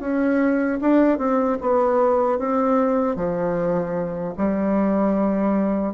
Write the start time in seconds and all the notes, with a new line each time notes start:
0.00 C#4
0.81 D4
1.18 C4
1.61 B3
2.38 C4
3.15 F3
4.37 G3